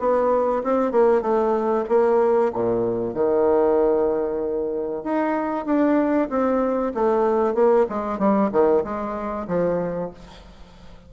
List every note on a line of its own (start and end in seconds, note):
0.00 0.63 B3
0.64 0.92 C4
0.92 1.22 A#3
1.22 1.85 A3
1.89 2.52 A#3
2.53 3.15 A#2
3.15 5.04 D#3
5.04 5.66 D#4
5.66 6.29 D4
6.30 6.93 C4
6.95 7.55 A3
7.55 7.87 A#3
7.90 8.19 G#3
8.19 8.51 G3
8.52 8.84 D#3
8.84 9.48 G#3
9.48 10.11 F3